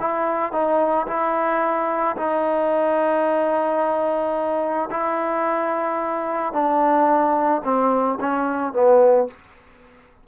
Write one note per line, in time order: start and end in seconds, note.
0.00 0.52 E4
0.52 1.07 D#4
1.07 2.16 E4
2.17 4.89 D#4
4.91 6.53 E4
6.53 7.62 D4
7.64 8.19 C4
8.20 8.73 C#4
8.73 9.28 B3